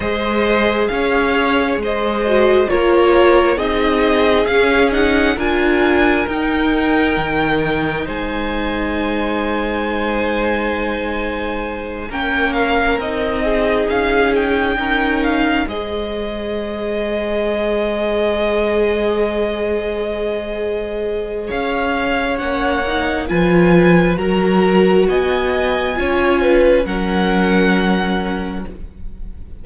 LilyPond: <<
  \new Staff \with { instrumentName = "violin" } { \time 4/4 \tempo 4 = 67 dis''4 f''4 dis''4 cis''4 | dis''4 f''8 fis''8 gis''4 g''4~ | g''4 gis''2.~ | gis''4. g''8 f''8 dis''4 f''8 |
g''4 f''8 dis''2~ dis''8~ | dis''1 | f''4 fis''4 gis''4 ais''4 | gis''2 fis''2 | }
  \new Staff \with { instrumentName = "violin" } { \time 4/4 c''4 cis''4 c''4 ais'4 | gis'2 ais'2~ | ais'4 c''2.~ | c''4. ais'4. gis'4~ |
gis'8 ais'4 c''2~ c''8~ | c''1 | cis''2 b'4 ais'4 | dis''4 cis''8 b'8 ais'2 | }
  \new Staff \with { instrumentName = "viola" } { \time 4/4 gis'2~ gis'8 fis'8 f'4 | dis'4 cis'8 dis'8 f'4 dis'4~ | dis'1~ | dis'4. cis'4 dis'4.~ |
dis'8 cis'4 gis'2~ gis'8~ | gis'1~ | gis'4 cis'8 dis'8 f'4 fis'4~ | fis'4 f'4 cis'2 | }
  \new Staff \with { instrumentName = "cello" } { \time 4/4 gis4 cis'4 gis4 ais4 | c'4 cis'4 d'4 dis'4 | dis4 gis2.~ | gis4. ais4 c'4 cis'8~ |
cis'8 dis'4 gis2~ gis8~ | gis1 | cis'4 ais4 f4 fis4 | b4 cis'4 fis2 | }
>>